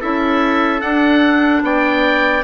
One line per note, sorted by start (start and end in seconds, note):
0.00 0.81 C#4
0.00 0.80 E4
0.00 1.62 A4
0.00 0.81 E5
0.80 2.42 D4
0.80 1.62 D4
0.80 1.62 F#5
1.62 2.43 B3
1.62 2.43 D5
1.62 2.43 G5